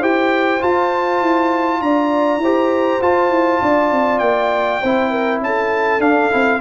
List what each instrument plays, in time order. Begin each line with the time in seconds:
0.00 tuba E4, trombone G4, horn C5, trumpet G5
0.60 trombone F4, tuba F4, trumpet A5
1.21 tuba E4
1.81 tuba D4, horn D5, trumpet A#5
2.38 tuba E4, horn C5
2.44 trombone G4
3.02 tuba F4, trombone F4, trumpet A5
3.30 tuba E4
3.62 tuba D4, horn D5
3.92 tuba C4
4.19 tuba A#3, trumpet G5
4.82 tuba C4, trombone E4, horn C5
5.10 horn A#4
5.41 tuba C#4, horn A4, trumpet A5
5.99 tuba D4, trombone D4, trumpet F5
6.30 tuba C4, trombone E4